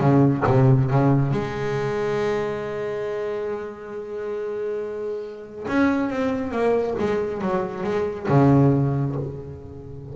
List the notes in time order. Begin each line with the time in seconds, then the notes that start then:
0.00 C#3
0.47 C3
0.90 C#3
1.31 G#3
5.68 C#4
6.10 C4
6.51 A#3
6.99 G#3
7.41 F#3
7.83 G#3
8.28 C#3